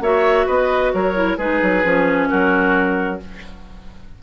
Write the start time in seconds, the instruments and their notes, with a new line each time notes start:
0.00 bassoon A#3, clarinet F#4 E5, oboe C#5
0.46 bassoon B3, oboe B4, clarinet D#5
0.93 bassoon F#3, oboe A#4, clarinet C#5
1.15 clarinet E4
1.37 bassoon G#3, clarinet D#4 B4, oboe G#4
1.62 bassoon F#3
1.83 bassoon F3, clarinet C#4
2.29 bassoon F#3, oboe F#4, clarinet A#4